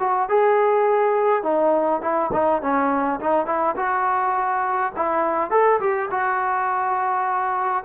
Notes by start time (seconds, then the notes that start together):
0.00 F#4
0.29 G#4
1.43 D#4
2.02 E4
2.33 D#4
2.62 C#4
3.20 D#4
3.46 E4
3.76 F#4
4.96 E4
5.51 A4
5.80 G4
6.11 F#4